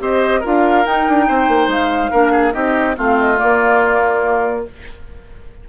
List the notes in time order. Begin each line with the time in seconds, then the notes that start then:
0.00 C4 G4 C5 D#5
0.41 D4 F4 A#4 F5
0.85 D#4 G5
1.09 D4
1.28 C4 C5
1.48 A#3
1.68 G#3 F5
2.12 A#3 D4 A#4
2.32 G#4
2.52 C4 D#4 G4 D#5
2.95 A3 C4 F4 F5
3.19 D#5
3.36 A#3 D5